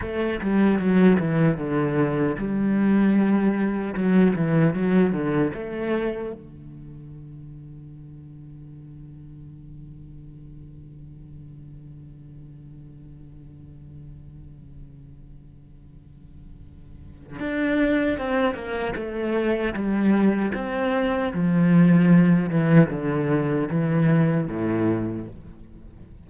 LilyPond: \new Staff \with { instrumentName = "cello" } { \time 4/4 \tempo 4 = 76 a8 g8 fis8 e8 d4 g4~ | g4 fis8 e8 fis8 d8 a4 | d1~ | d1~ |
d1~ | d2 d'4 c'8 ais8 | a4 g4 c'4 f4~ | f8 e8 d4 e4 a,4 | }